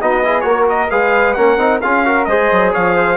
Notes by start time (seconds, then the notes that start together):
0.00 B3 D#4 F#4 D#5
0.24 E4 G#4
0.41 A#3 F#4 C#5
0.47 A#4
0.69 D#5
0.90 G#3 G#4 B4 F5
1.33 A#3 C#4 A#4 F#5
1.57 C4 D#4
1.81 C#4 F4 G#4 F5
2.05 F#4 A#4
2.25 G#3 G#4 C5 D#5
2.51 F#3
2.72 F3 C#5 F5
2.95 C5